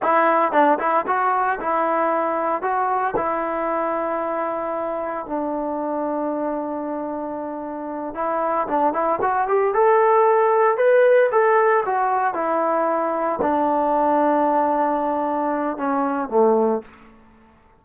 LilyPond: \new Staff \with { instrumentName = "trombone" } { \time 4/4 \tempo 4 = 114 e'4 d'8 e'8 fis'4 e'4~ | e'4 fis'4 e'2~ | e'2 d'2~ | d'2.~ d'8 e'8~ |
e'8 d'8 e'8 fis'8 g'8 a'4.~ | a'8 b'4 a'4 fis'4 e'8~ | e'4. d'2~ d'8~ | d'2 cis'4 a4 | }